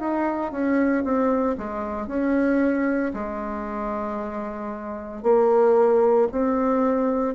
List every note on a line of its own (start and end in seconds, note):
0.00 0.52 D#4
0.52 1.04 C#4
1.04 1.57 C4
1.58 2.08 G#3
2.08 3.13 C#4
3.14 5.23 G#3
5.23 6.29 A#3
6.32 7.35 C4